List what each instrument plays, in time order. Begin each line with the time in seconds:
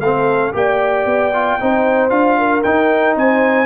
0.00 tuba A3, trombone C4, horn A4, trumpet F5
0.53 tuba A#3, trombone G4, horn D5, trumpet G5
1.05 tuba B3
1.33 trombone F4
1.60 tuba C4, trombone D#4, horn C5
2.10 tuba D4, trombone F4, trumpet F5
2.38 horn A#4
2.63 tuba D#4, trombone D#4, trumpet G5
3.16 tuba C4, horn C5, trumpet G#5